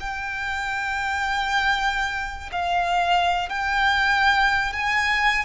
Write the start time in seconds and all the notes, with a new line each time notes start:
0.00 G5
2.52 F5
3.49 G5
4.73 G#5